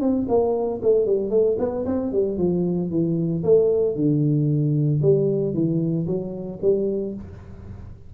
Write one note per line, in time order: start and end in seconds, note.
0.00 0.26 C4
0.28 0.81 A#3
0.82 1.06 A3
1.06 1.30 G3
1.30 1.56 A3
1.58 1.85 B3
1.86 2.12 C4
2.12 2.38 G3
2.38 2.90 F3
2.90 3.43 E3
3.43 3.95 A3
3.95 5.01 D3
5.02 5.54 G3
5.54 6.06 E3
6.06 6.59 F#3
6.61 7.14 G3